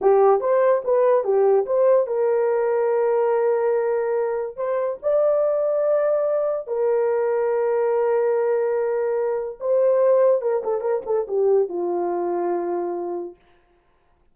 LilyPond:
\new Staff \with { instrumentName = "horn" } { \time 4/4 \tempo 4 = 144 g'4 c''4 b'4 g'4 | c''4 ais'2.~ | ais'2. c''4 | d''1 |
ais'1~ | ais'2. c''4~ | c''4 ais'8 a'8 ais'8 a'8 g'4 | f'1 | }